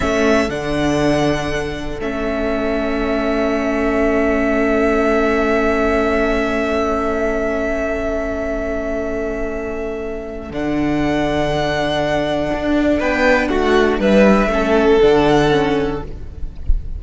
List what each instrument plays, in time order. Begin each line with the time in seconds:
0.00 cello A3, viola C#4, violin A4 E5
0.48 cello D3, viola D4, violin F#5
2.00 cello A3, viola C#4, violin E5
10.50 cello D3, viola D4, violin F#5
12.53 cello D4
12.98 cello B3, violin B4 G5
13.47 cello A3, violin F#4 F#5
13.98 cello G3, violin B4 E5
14.46 cello A3, viola C#4
14.53 violin A4
15.00 cello D3, viola D4, violin F#5
15.50 viola C#4